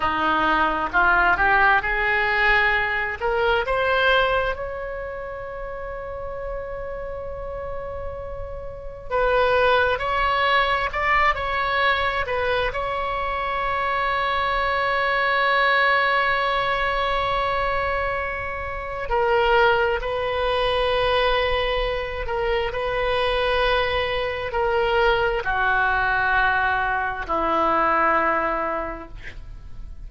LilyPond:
\new Staff \with { instrumentName = "oboe" } { \time 4/4 \tempo 4 = 66 dis'4 f'8 g'8 gis'4. ais'8 | c''4 cis''2.~ | cis''2 b'4 cis''4 | d''8 cis''4 b'8 cis''2~ |
cis''1~ | cis''4 ais'4 b'2~ | b'8 ais'8 b'2 ais'4 | fis'2 e'2 | }